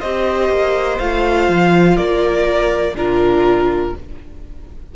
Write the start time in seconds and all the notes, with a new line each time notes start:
0.00 C4 G4 C5 D#5
0.50 A#3
0.99 A3 F4 F5
1.49 F3
1.97 A#3 A#4 D5
2.94 A#2 D4 F4 A#4